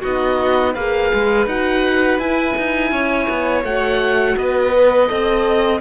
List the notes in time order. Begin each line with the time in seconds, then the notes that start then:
0.00 B3 D#4 F#4 D#5
0.73 A#3 G#4 B4 F5
1.13 G#3
1.46 D#4 F#4 F#5
2.18 E4 G#5
2.57 D#4
2.91 C#4 C#5
3.29 B3
3.63 A3 F#4 F#5
4.37 B3 B4 D#5
4.73 B4
5.07 C4 A4 D#5